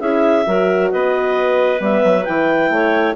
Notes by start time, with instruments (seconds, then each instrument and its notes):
0.00 bassoon C#4, horn E4, clarinet G#4 E5
0.45 bassoon F#3, horn F#4, clarinet A#4
0.91 bassoon B3, clarinet B4 D#5
1.79 bassoon G3, horn B3, clarinet E5
2.04 bassoon F#3
2.24 bassoon E3, horn E4, clarinet G5
2.70 bassoon A3, clarinet C#5